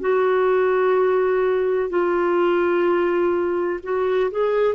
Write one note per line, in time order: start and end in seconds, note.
0.00 1.89 F#4
1.89 3.80 F4
3.83 4.30 F#4
4.31 4.75 G#4